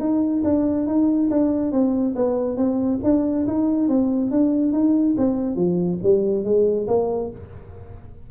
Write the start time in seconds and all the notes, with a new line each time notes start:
0.00 D#4
0.44 D4
0.87 D#4
1.30 D4
1.72 C4
2.16 B3
2.57 C4
3.04 D4
3.47 D#4
3.88 C4
4.31 D4
4.73 D#4
5.17 C4
5.56 F3
6.03 G3
6.44 G#3
6.87 A#3